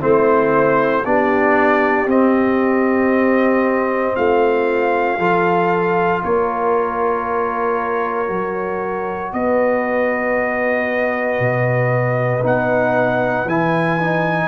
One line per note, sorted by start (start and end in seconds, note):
0.00 1.06 A3
0.00 1.04 C4
0.00 1.03 E4
0.00 1.06 C5
1.05 2.06 B3
1.05 2.08 D4
1.05 4.17 G4
1.05 2.09 D5
2.06 4.13 C4
2.06 5.19 C4
2.06 4.16 D#5
4.16 5.19 A3
4.16 5.19 F4
4.16 6.23 F5
5.19 6.22 F3
5.19 8.27 F4
5.19 6.22 A4
6.24 8.30 A#3
6.24 9.34 A#4
6.24 9.33 C#5
8.27 9.33 F#3
8.27 12.41 F#4
9.33 11.40 B3
9.33 14.49 B4
9.33 12.44 D#5
11.40 12.43 B2
12.43 13.45 B3
12.43 13.47 D#4
12.43 13.49 F#5
13.45 14.49 E3
13.45 14.00 E4
13.45 14.49 G#5
14.00 14.49 D#4